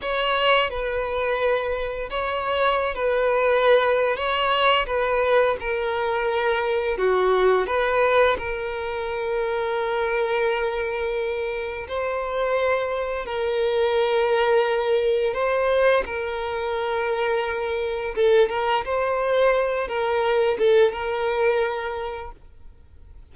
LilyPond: \new Staff \with { instrumentName = "violin" } { \time 4/4 \tempo 4 = 86 cis''4 b'2 cis''4~ | cis''16 b'4.~ b'16 cis''4 b'4 | ais'2 fis'4 b'4 | ais'1~ |
ais'4 c''2 ais'4~ | ais'2 c''4 ais'4~ | ais'2 a'8 ais'8 c''4~ | c''8 ais'4 a'8 ais'2 | }